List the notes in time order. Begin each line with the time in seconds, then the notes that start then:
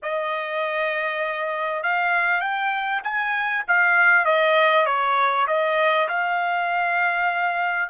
0.02 D#5
1.83 F5
2.40 G5
3.03 G#5
3.67 F5
4.25 D#5
4.85 C#5
5.47 D#5
6.08 F5